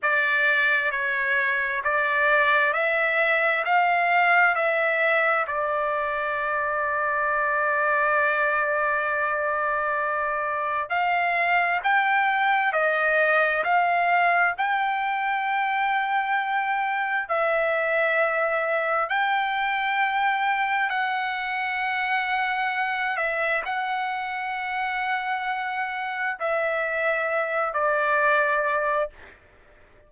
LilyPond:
\new Staff \with { instrumentName = "trumpet" } { \time 4/4 \tempo 4 = 66 d''4 cis''4 d''4 e''4 | f''4 e''4 d''2~ | d''1 | f''4 g''4 dis''4 f''4 |
g''2. e''4~ | e''4 g''2 fis''4~ | fis''4. e''8 fis''2~ | fis''4 e''4. d''4. | }